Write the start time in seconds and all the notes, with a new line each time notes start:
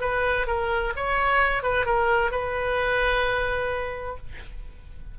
0.00 B4
0.46 A#4
0.96 C#5
1.63 B4
1.85 A#4
2.31 B4